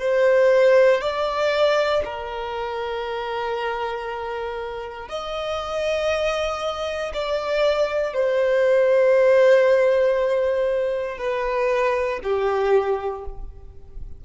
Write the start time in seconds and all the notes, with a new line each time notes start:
0.00 C5
1.02 D5
2.05 A#4
5.09 D#5
7.14 D5
8.14 C5
11.19 B4
12.24 G4